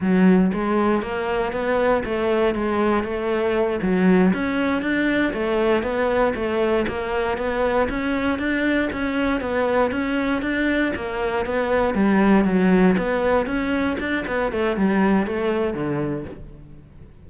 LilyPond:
\new Staff \with { instrumentName = "cello" } { \time 4/4 \tempo 4 = 118 fis4 gis4 ais4 b4 | a4 gis4 a4. fis8~ | fis8 cis'4 d'4 a4 b8~ | b8 a4 ais4 b4 cis'8~ |
cis'8 d'4 cis'4 b4 cis'8~ | cis'8 d'4 ais4 b4 g8~ | g8 fis4 b4 cis'4 d'8 | b8 a8 g4 a4 d4 | }